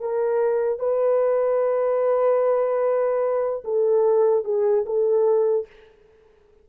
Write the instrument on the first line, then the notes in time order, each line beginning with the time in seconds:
horn
0.00 A#4
0.80 B4
3.64 A4
4.44 G#4
4.86 A4